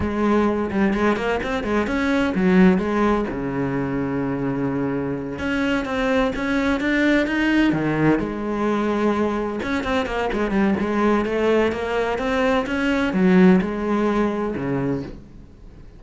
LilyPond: \new Staff \with { instrumentName = "cello" } { \time 4/4 \tempo 4 = 128 gis4. g8 gis8 ais8 c'8 gis8 | cis'4 fis4 gis4 cis4~ | cis2.~ cis8 cis'8~ | cis'8 c'4 cis'4 d'4 dis'8~ |
dis'8 dis4 gis2~ gis8~ | gis8 cis'8 c'8 ais8 gis8 g8 gis4 | a4 ais4 c'4 cis'4 | fis4 gis2 cis4 | }